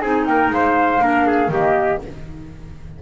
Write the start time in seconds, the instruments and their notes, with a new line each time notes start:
0.00 double bass C4, clarinet D#4, trumpet G#4, flute G#5
0.26 double bass A#3, trumpet A#4, flute G5
0.50 double bass G#3, trumpet C5, flute F5
1.00 double bass A#3, clarinet D4, trumpet A#4
1.27 trumpet G#4
1.48 double bass D#3, clarinet A#3, trumpet G4, flute D#5